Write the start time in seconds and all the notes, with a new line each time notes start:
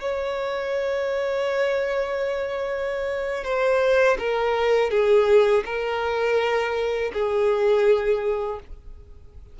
0.00 C#5
3.44 C5
4.19 A#4
4.90 G#4
5.65 A#4
7.13 G#4